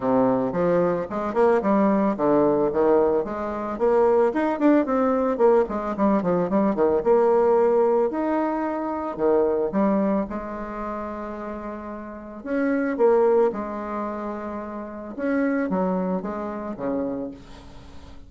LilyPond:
\new Staff \with { instrumentName = "bassoon" } { \time 4/4 \tempo 4 = 111 c4 f4 gis8 ais8 g4 | d4 dis4 gis4 ais4 | dis'8 d'8 c'4 ais8 gis8 g8 f8 | g8 dis8 ais2 dis'4~ |
dis'4 dis4 g4 gis4~ | gis2. cis'4 | ais4 gis2. | cis'4 fis4 gis4 cis4 | }